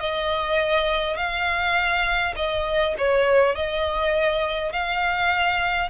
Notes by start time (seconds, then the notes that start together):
0.00 D#5
1.17 F5
2.36 D#5
2.98 C#5
3.55 D#5
4.73 F5